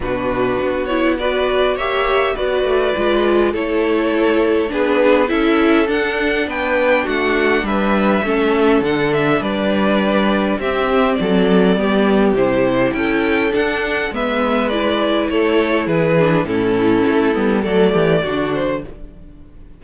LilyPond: <<
  \new Staff \with { instrumentName = "violin" } { \time 4/4 \tempo 4 = 102 b'4. cis''8 d''4 e''4 | d''2 cis''2 | b'4 e''4 fis''4 g''4 | fis''4 e''2 fis''8 e''8 |
d''2 e''4 d''4~ | d''4 c''4 g''4 fis''4 | e''4 d''4 cis''4 b'4 | a'2 d''4. c''8 | }
  \new Staff \with { instrumentName = "violin" } { \time 4/4 fis'2 b'4 cis''4 | b'2 a'2 | gis'4 a'2 b'4 | fis'4 b'4 a'2 |
b'2 g'4 a'4 | g'2 a'2 | b'2 a'4 gis'4 | e'2 a'8 g'8 fis'4 | }
  \new Staff \with { instrumentName = "viola" } { \time 4/4 d'4. e'8 fis'4 g'4 | fis'4 f'4 e'2 | d'4 e'4 d'2~ | d'2 cis'4 d'4~ |
d'2 c'2 | b4 e'2 d'4 | b4 e'2~ e'8 d'8 | cis'4. b8 a4 d'4 | }
  \new Staff \with { instrumentName = "cello" } { \time 4/4 b,4 b2 ais4 | b8 a8 gis4 a2 | b4 cis'4 d'4 b4 | a4 g4 a4 d4 |
g2 c'4 fis4 | g4 c4 cis'4 d'4 | gis2 a4 e4 | a,4 a8 g8 fis8 e8 d4 | }
>>